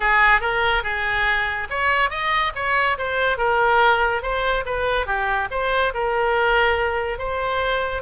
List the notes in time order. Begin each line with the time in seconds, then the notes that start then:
0.00 G#4
0.41 A#4
0.83 G#4
1.70 C#5
2.10 D#5
2.55 C#5
2.98 C5
3.37 A#4
4.22 C5
4.65 B4
5.06 G4
5.50 C5
5.93 A#4
7.18 C5